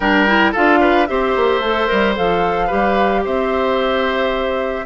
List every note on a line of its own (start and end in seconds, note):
0.00 0.53 G3
0.00 0.27 D4
0.00 0.52 A#4
0.00 0.52 G5
0.27 0.54 E4
0.52 1.09 D4
0.52 1.07 F4
0.52 0.79 A4
0.52 1.06 F5
0.80 1.07 B4
1.06 1.36 C4
1.06 1.61 G4
1.06 2.66 C5
1.06 2.14 E5
1.36 1.60 A#3
1.60 1.87 A3
1.60 1.87 A4
1.87 2.17 G3
1.87 2.14 A#4
2.15 2.71 F3
2.15 2.69 A4
2.15 3.25 F5
2.66 3.25 G3
2.66 4.85 G4
2.66 3.20 B4
3.24 4.86 C4
3.24 4.86 C5
3.24 4.86 E5